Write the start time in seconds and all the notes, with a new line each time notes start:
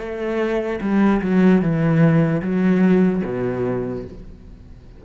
0.00 A3
0.81 G3
1.22 F#3
1.62 E3
2.42 F#3
3.24 B2